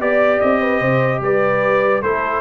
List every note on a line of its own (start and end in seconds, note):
0.00 0.41 B3
0.00 2.03 G4
0.00 0.40 D5
0.00 0.61 D5
0.40 0.81 C4
0.40 1.21 D#5
0.61 0.80 B4
0.80 1.21 C3
0.80 1.21 C5
1.21 2.02 G3
1.21 2.04 B4
1.21 2.02 D5
2.02 2.41 A3
2.02 2.41 E4
2.02 2.41 A4
2.02 2.41 C5